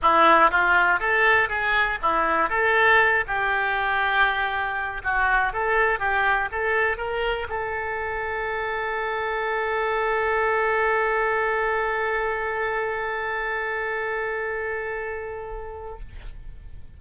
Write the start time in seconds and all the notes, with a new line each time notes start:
0.01 E4
0.50 F4
0.99 A4
1.49 G#4
2.02 E4
2.49 A4
3.27 G4
5.03 F#4
5.52 A4
5.99 G4
6.51 A4
6.97 A#4
7.49 A4